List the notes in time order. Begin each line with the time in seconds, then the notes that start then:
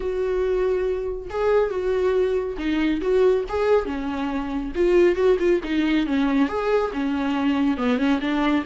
0.00 F#4
1.30 G#4
1.70 F#4
2.57 D#4
3.01 F#4
3.48 G#4
3.85 C#4
4.75 F4
5.15 F#4
5.39 F4
5.63 D#4
6.06 C#4
6.48 G#4
6.93 C#4
7.77 B3
7.97 C#4
8.20 D4